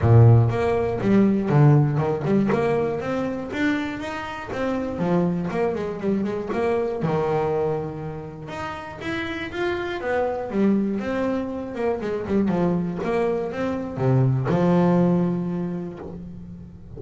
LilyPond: \new Staff \with { instrumentName = "double bass" } { \time 4/4 \tempo 4 = 120 ais,4 ais4 g4 d4 | dis8 g8 ais4 c'4 d'4 | dis'4 c'4 f4 ais8 gis8 | g8 gis8 ais4 dis2~ |
dis4 dis'4 e'4 f'4 | b4 g4 c'4. ais8 | gis8 g8 f4 ais4 c'4 | c4 f2. | }